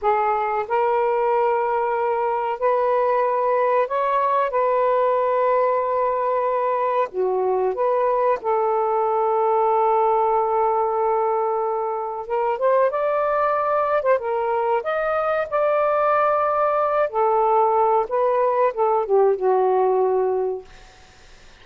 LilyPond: \new Staff \with { instrumentName = "saxophone" } { \time 4/4 \tempo 4 = 93 gis'4 ais'2. | b'2 cis''4 b'4~ | b'2. fis'4 | b'4 a'2.~ |
a'2. ais'8 c''8 | d''4.~ d''16 c''16 ais'4 dis''4 | d''2~ d''8 a'4. | b'4 a'8 g'8 fis'2 | }